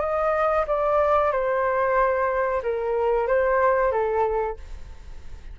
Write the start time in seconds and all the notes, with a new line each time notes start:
0.00 D#5
0.67 D5
1.32 C5
2.63 A#4
3.27 C5
3.92 A4